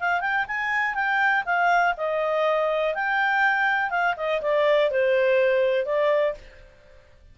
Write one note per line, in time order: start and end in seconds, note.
0.00 0.21 F5
0.21 0.45 G5
0.47 0.95 G#5
0.95 1.44 G5
1.45 1.94 F5
1.97 2.95 D#5
2.95 3.90 G5
3.90 4.14 F5
4.16 4.41 D#5
4.41 4.90 D5
4.90 5.85 C5
5.85 6.34 D5